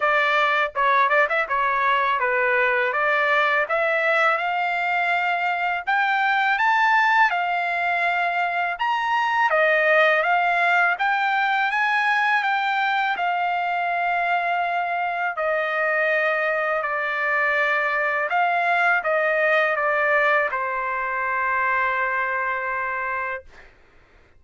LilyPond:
\new Staff \with { instrumentName = "trumpet" } { \time 4/4 \tempo 4 = 82 d''4 cis''8 d''16 e''16 cis''4 b'4 | d''4 e''4 f''2 | g''4 a''4 f''2 | ais''4 dis''4 f''4 g''4 |
gis''4 g''4 f''2~ | f''4 dis''2 d''4~ | d''4 f''4 dis''4 d''4 | c''1 | }